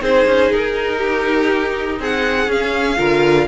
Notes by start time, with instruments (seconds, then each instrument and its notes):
0.00 cello C4, viola D#4, violin G#4 C5
0.26 cello C#4
0.51 cello D#4, violin A#4
0.97 violin G4
1.99 cello C4, violin G#4 F#5
2.47 cello C#4, viola C#4, violin F5
2.97 cello D3, viola F4, violin A#4